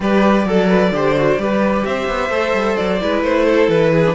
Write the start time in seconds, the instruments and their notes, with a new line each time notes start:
0.00 cello G3, viola G4, violin B4 D5
0.45 cello F#3, viola A4, violin A4
0.69 violin B4
0.91 cello D3, viola G4, violin C5
1.16 viola F#4
1.38 cello G3, viola G4, violin B4
1.85 cello C4, violin C5 E5
2.08 cello B3
2.29 cello A3, viola A4
2.53 cello G3
2.76 cello F#3, violin D5
2.99 cello G#3, viola E4, violin B4
3.22 cello A3, violin C5
3.45 violin A4
3.67 cello E3, violin B4
3.92 violin G#4
4.06 viola D4